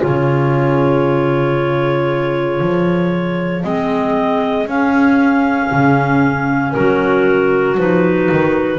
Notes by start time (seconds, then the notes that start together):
0.00 C#3 F4 G#4 C#5
2.61 F3
3.64 G#3 C4 D#5
4.67 C#4 F5
5.72 C#3
6.72 F#3 F#4 A#4
7.78 F3 D#4 B4
8.32 D#3